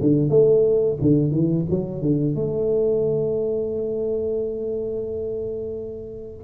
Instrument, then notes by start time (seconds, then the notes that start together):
tuba
0.00 D3
0.29 A3
1.01 D3
1.31 E3
1.70 F#3
2.01 D3
2.35 A3